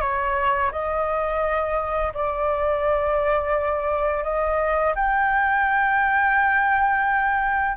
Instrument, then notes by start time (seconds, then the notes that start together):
flute
0.00 C#5
0.72 D#5
2.14 D5
4.23 D#5
4.95 G5